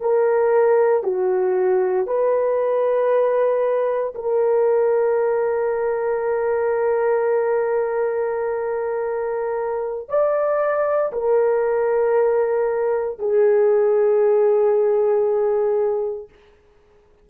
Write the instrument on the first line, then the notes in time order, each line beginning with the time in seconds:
horn
0.00 A#4
1.03 F#4
2.06 B4
4.14 A#4
10.08 D5
11.12 A#4
13.18 G#4